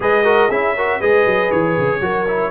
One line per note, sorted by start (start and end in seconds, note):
0.00 0.50 G#3
0.00 0.24 G#4
0.00 0.24 B4
0.00 0.50 D#5
0.24 0.49 F#4
0.24 0.49 A#4
0.49 1.00 C#4
0.49 0.76 E4
0.49 0.74 G#4
0.49 1.01 E5
0.75 1.01 F#4
0.75 0.99 A#4
0.99 1.25 G#3
0.99 2.01 G#4
0.99 2.00 B4
0.99 1.51 D#5
1.25 1.50 F#3
1.51 1.77 E3
1.51 2.51 C#5
1.78 2.01 C#3
2.01 2.51 F#3
2.01 2.26 F#4
2.01 2.51 A#4
2.28 2.51 E4